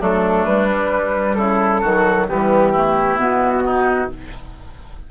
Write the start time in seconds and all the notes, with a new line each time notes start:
0.00 F#3 A3 D4 A4
0.45 G3 B4
0.69 G3
1.35 C#3 E4 A4
1.81 D#3 F#3 F#4
2.27 E3 G3 B3 G4
2.72 A3 E4
3.18 B2 B3 F#4
3.65 D#4